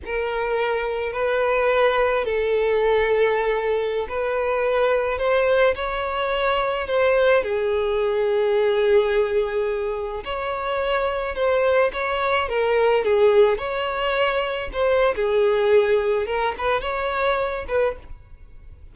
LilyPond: \new Staff \with { instrumentName = "violin" } { \time 4/4 \tempo 4 = 107 ais'2 b'2 | a'2.~ a'16 b'8.~ | b'4~ b'16 c''4 cis''4.~ cis''16~ | cis''16 c''4 gis'2~ gis'8.~ |
gis'2~ gis'16 cis''4.~ cis''16~ | cis''16 c''4 cis''4 ais'4 gis'8.~ | gis'16 cis''2 c''8. gis'4~ | gis'4 ais'8 b'8 cis''4. b'8 | }